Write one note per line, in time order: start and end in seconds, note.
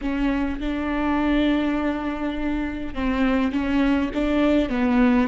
0.01 0.59 C#4
0.60 2.94 D4
2.94 3.51 C4
3.51 4.10 C#4
4.14 4.69 D4
4.69 5.28 B3